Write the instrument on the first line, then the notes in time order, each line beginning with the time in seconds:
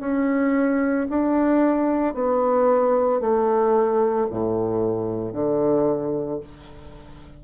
bassoon
0.00 C#4
1.10 D4
2.14 B3
3.20 A3
4.30 A2
5.33 D3